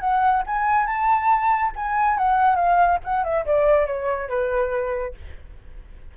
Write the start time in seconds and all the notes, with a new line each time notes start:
0.00 F#5
0.47 G#5
0.86 A5
1.76 G#5
2.18 F#5
2.56 F5
3.04 F#5
3.24 E5
3.46 D5
3.86 C#5
4.29 B4